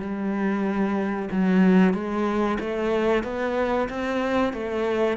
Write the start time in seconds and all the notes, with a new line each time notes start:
0.00 G3
1.31 F#3
1.94 G#3
2.60 A3
3.24 B3
3.89 C4
4.53 A3